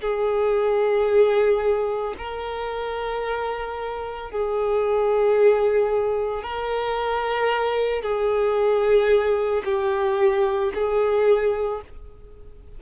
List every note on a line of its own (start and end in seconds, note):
0.00 2.14 G#4
2.18 4.31 A#4
4.31 6.43 G#4
6.43 8.02 A#4
8.02 9.62 G#4
9.64 10.71 G4
10.74 11.81 G#4